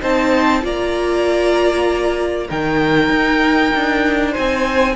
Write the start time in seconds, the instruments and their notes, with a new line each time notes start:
0.00 cello C4, viola D#4, violin C5 A5
0.62 cello A#3, viola F4, violin D5 A#5
2.47 cello D#3, viola D#4, violin A#4 G5
3.09 cello D#4
3.74 cello D4
4.31 violin C5 G#5
4.37 cello C4